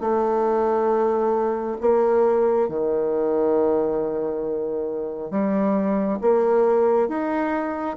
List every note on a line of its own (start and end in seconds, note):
0.00 1.76 A3
1.80 2.68 A#3
2.68 5.30 D#3
5.30 6.18 G3
6.21 7.08 A#3
7.08 7.96 D#4